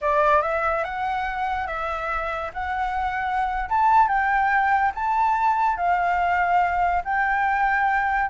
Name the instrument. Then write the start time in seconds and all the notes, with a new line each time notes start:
flute
0.01 D5
0.42 E5
0.84 F#5
1.67 E5
2.53 F#5
3.69 A5
4.08 G5
4.94 A5
5.76 F5
7.04 G5